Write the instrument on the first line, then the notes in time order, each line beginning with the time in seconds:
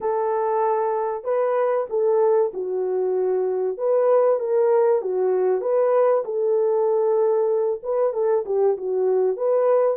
horn
0.00 A4
1.23 B4
1.89 A4
2.53 F#4
3.77 B4
4.39 A#4
5.01 F#4
5.61 B4
6.24 A4
7.82 B4
8.13 A4
8.45 G4
8.77 F#4
9.37 B4